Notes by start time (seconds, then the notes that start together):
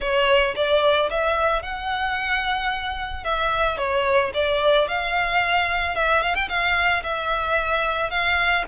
0.00 C#5
0.55 D5
1.10 E5
1.62 F#5
3.24 E5
3.77 C#5
4.33 D5
4.87 F5
5.95 E5
6.22 F5
6.34 G5
6.49 F5
7.03 E5
8.10 F5